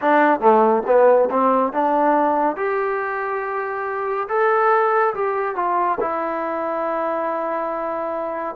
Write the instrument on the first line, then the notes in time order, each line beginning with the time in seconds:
trombone
0.01 D4
0.40 A3
0.86 B3
1.30 C4
1.73 D4
2.56 G4
4.28 A4
5.14 G4
5.55 F4
6.00 E4